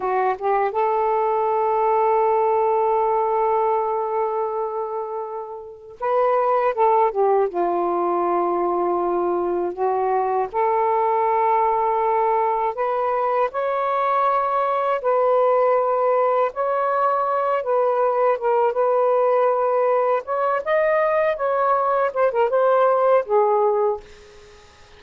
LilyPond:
\new Staff \with { instrumentName = "saxophone" } { \time 4/4 \tempo 4 = 80 fis'8 g'8 a'2.~ | a'1 | b'4 a'8 g'8 f'2~ | f'4 fis'4 a'2~ |
a'4 b'4 cis''2 | b'2 cis''4. b'8~ | b'8 ais'8 b'2 cis''8 dis''8~ | dis''8 cis''4 c''16 ais'16 c''4 gis'4 | }